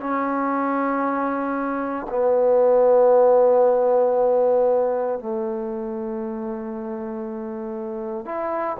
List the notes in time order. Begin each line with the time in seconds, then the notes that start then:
0.00 C#4
2.09 B3
5.19 A3
8.25 E4